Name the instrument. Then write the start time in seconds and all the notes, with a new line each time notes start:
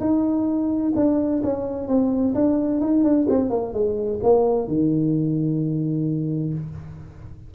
tuba
0.00 D#4
0.96 D4
1.43 C#4
1.88 C4
2.34 D4
2.80 D#4
3.04 D4
3.29 C4
3.50 A#3
3.73 G#3
4.23 A#3
4.68 D#3